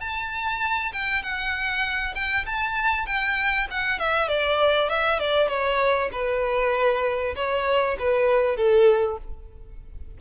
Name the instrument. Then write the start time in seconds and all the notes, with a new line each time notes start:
violin
0.00 A5
0.92 G5
1.22 F#5
2.15 G5
2.45 A5
3.06 G5
3.70 F#5
3.99 E5
4.28 D5
4.89 E5
5.19 D5
5.48 C#5
6.12 B4
7.36 C#5
7.99 B4
8.56 A4